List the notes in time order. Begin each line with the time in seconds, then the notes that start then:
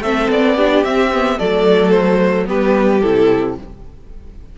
0.00 A3 C4 A4 E5
0.30 B3 D5
0.56 D4 G4
0.84 C4 E5
1.12 B3
1.38 F#3 A3 A4 D5
1.90 C5
2.46 G3 B3 G4 B4
3.01 C3 E4 A4